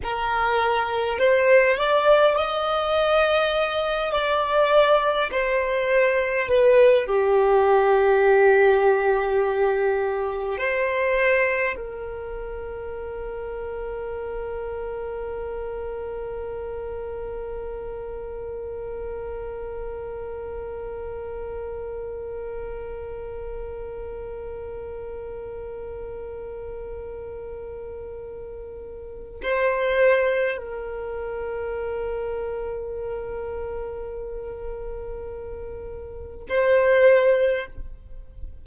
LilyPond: \new Staff \with { instrumentName = "violin" } { \time 4/4 \tempo 4 = 51 ais'4 c''8 d''8 dis''4. d''8~ | d''8 c''4 b'8 g'2~ | g'4 c''4 ais'2~ | ais'1~ |
ais'1~ | ais'1~ | ais'4 c''4 ais'2~ | ais'2. c''4 | }